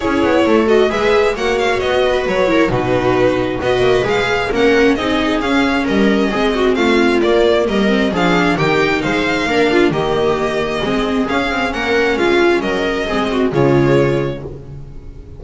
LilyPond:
<<
  \new Staff \with { instrumentName = "violin" } { \time 4/4 \tempo 4 = 133 cis''4. dis''8 e''4 fis''8 f''8 | dis''4 cis''4 b'2 | dis''4 f''4 fis''4 dis''4 | f''4 dis''2 f''4 |
d''4 dis''4 f''4 g''4 | f''2 dis''2~ | dis''4 f''4 fis''4 f''4 | dis''2 cis''2 | }
  \new Staff \with { instrumentName = "viola" } { \time 4/4 gis'4 a'4 b'4 cis''4~ | cis''8 b'4 ais'8 fis'2 | b'2 ais'4 gis'4~ | gis'4 ais'4 gis'8 fis'8 f'4~ |
f'4 ais'4 gis'4 g'4 | c''4 ais'8 f'8 g'2 | gis'2 ais'4 f'4 | ais'4 gis'8 fis'8 f'2 | }
  \new Staff \with { instrumentName = "viola" } { \time 4/4 e'4. fis'8 gis'4 fis'4~ | fis'4. e'8 dis'2 | fis'4 gis'4 cis'4 dis'4 | cis'2 c'2 |
ais4. c'8 d'4 dis'4~ | dis'4 d'4 ais2 | c'4 cis'2.~ | cis'4 c'4 gis2 | }
  \new Staff \with { instrumentName = "double bass" } { \time 4/4 cis'8 b8 a4 gis4 ais4 | b4 fis4 b,2 | b8 ais8 gis4 ais4 c'4 | cis'4 g4 gis4 a4 |
ais4 g4 f4 dis4 | gis4 ais4 dis2 | gis4 cis'8 c'8 ais4 gis4 | fis4 gis4 cis2 | }
>>